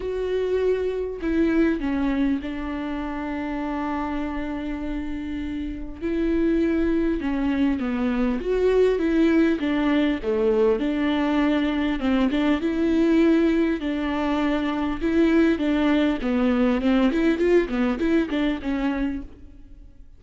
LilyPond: \new Staff \with { instrumentName = "viola" } { \time 4/4 \tempo 4 = 100 fis'2 e'4 cis'4 | d'1~ | d'2 e'2 | cis'4 b4 fis'4 e'4 |
d'4 a4 d'2 | c'8 d'8 e'2 d'4~ | d'4 e'4 d'4 b4 | c'8 e'8 f'8 b8 e'8 d'8 cis'4 | }